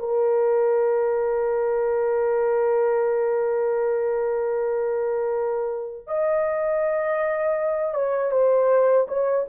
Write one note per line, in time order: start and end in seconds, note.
0.00 6.08 A#4
6.08 7.95 D#5
7.95 8.32 C#5
8.32 9.08 C5
9.08 9.46 C#5